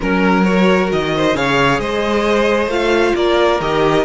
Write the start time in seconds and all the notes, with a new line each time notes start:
0.00 F#3 C#4 A#4
0.44 F#4 C#5
0.91 D#3 D#5
1.16 C5
1.34 C#3 G#4 C#5 F5
1.79 G#3 C5 D#5
2.66 A3 F4 F5
3.15 A#3 A#4 D5
3.60 D#3 G4 D#5